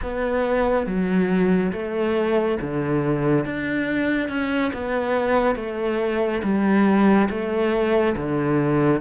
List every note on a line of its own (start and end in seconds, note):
0.02 0.86 B3
0.86 1.72 F#3
1.72 2.58 A3
2.60 3.45 D3
3.45 4.29 D4
4.29 4.71 C#4
4.73 5.55 B3
5.55 6.41 A3
6.43 7.29 G3
7.30 8.15 A3
8.16 9.00 D3